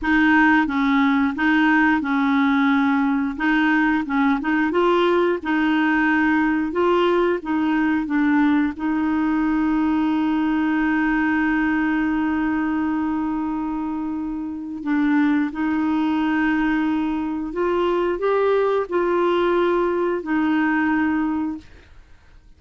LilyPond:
\new Staff \with { instrumentName = "clarinet" } { \time 4/4 \tempo 4 = 89 dis'4 cis'4 dis'4 cis'4~ | cis'4 dis'4 cis'8 dis'8 f'4 | dis'2 f'4 dis'4 | d'4 dis'2.~ |
dis'1~ | dis'2 d'4 dis'4~ | dis'2 f'4 g'4 | f'2 dis'2 | }